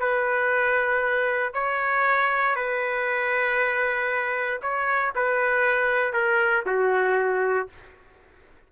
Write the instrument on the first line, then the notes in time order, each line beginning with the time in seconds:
trumpet
0.00 B4
1.54 C#5
2.56 B4
4.62 C#5
5.15 B4
6.13 A#4
6.66 F#4